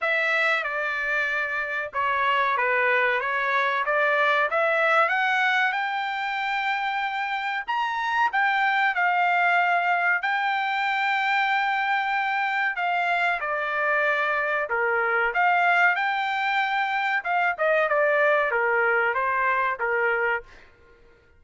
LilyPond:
\new Staff \with { instrumentName = "trumpet" } { \time 4/4 \tempo 4 = 94 e''4 d''2 cis''4 | b'4 cis''4 d''4 e''4 | fis''4 g''2. | ais''4 g''4 f''2 |
g''1 | f''4 d''2 ais'4 | f''4 g''2 f''8 dis''8 | d''4 ais'4 c''4 ais'4 | }